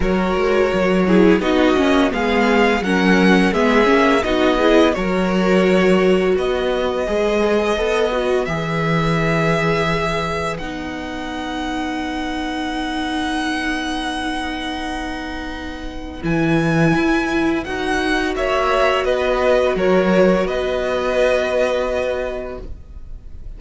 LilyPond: <<
  \new Staff \with { instrumentName = "violin" } { \time 4/4 \tempo 4 = 85 cis''2 dis''4 f''4 | fis''4 e''4 dis''4 cis''4~ | cis''4 dis''2. | e''2. fis''4~ |
fis''1~ | fis''2. gis''4~ | gis''4 fis''4 e''4 dis''4 | cis''4 dis''2. | }
  \new Staff \with { instrumentName = "violin" } { \time 4/4 ais'4. gis'8 fis'4 gis'4 | ais'4 gis'4 fis'8 gis'8 ais'4~ | ais'4 b'2.~ | b'1~ |
b'1~ | b'1~ | b'2 cis''4 b'4 | ais'4 b'2. | }
  \new Staff \with { instrumentName = "viola" } { \time 4/4 fis'4. e'8 dis'8 cis'8 b4 | cis'4 b8 cis'8 dis'8 e'8 fis'4~ | fis'2 gis'4 a'8 fis'8 | gis'2. dis'4~ |
dis'1~ | dis'2. e'4~ | e'4 fis'2.~ | fis'1 | }
  \new Staff \with { instrumentName = "cello" } { \time 4/4 fis8 gis8 fis4 b8 ais8 gis4 | fis4 gis8 ais8 b4 fis4~ | fis4 b4 gis4 b4 | e2. b4~ |
b1~ | b2. e4 | e'4 dis'4 ais4 b4 | fis4 b2. | }
>>